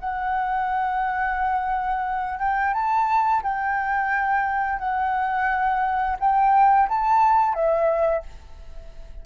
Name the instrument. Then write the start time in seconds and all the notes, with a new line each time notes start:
flute
0.00 F#5
2.39 G5
2.74 A5
3.43 G5
4.79 F#5
6.20 G5
6.89 A5
7.54 E5